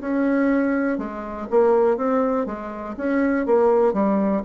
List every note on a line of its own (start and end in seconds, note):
0.00 0.97 C#4
0.97 1.47 G#3
1.50 1.96 A#3
1.96 2.45 C4
2.45 2.95 G#3
2.97 3.46 C#4
3.46 3.93 A#3
3.93 4.42 G3